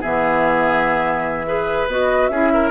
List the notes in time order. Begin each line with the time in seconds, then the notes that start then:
0.00 E3 B3 G#4 E5
1.45 G#4 B4
1.87 B3 F#4 D#5
2.28 C#4 E4 G#4 E5
2.53 A#4